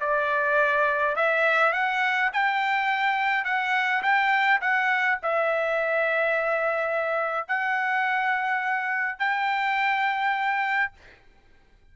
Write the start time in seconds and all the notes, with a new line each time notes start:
0.00 D5
1.16 E5
1.73 F#5
2.33 G5
3.44 F#5
4.02 G5
4.61 F#5
5.22 E5
7.48 F#5
9.19 G5